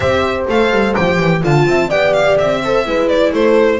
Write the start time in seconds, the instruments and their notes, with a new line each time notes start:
0.00 double bass C4, viola G4, horn C5, violin E5
0.48 double bass A3, viola A4, violin F5
0.71 double bass G3
0.94 double bass F3, viola G4, violin G5
1.19 double bass E3
1.41 double bass D3, viola F4, horn F5, violin A5
1.66 double bass C4, horn E5
1.89 double bass B3, viola G4, horn D5, violin G5
2.13 violin F5
2.38 double bass C4, violin E5
2.64 viola A4, horn C5
2.85 double bass G#3, viola E4, horn B4
3.08 violin D5
3.32 double bass A3, horn A4, violin C5